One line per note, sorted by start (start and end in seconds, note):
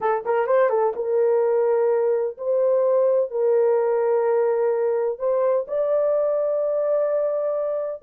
0.00 0.24 A4
0.25 0.46 A#4
0.46 0.69 C5
0.69 0.93 A4
0.95 2.37 A#4
2.37 3.30 C5
3.30 5.18 A#4
5.18 5.65 C5
5.67 8.02 D5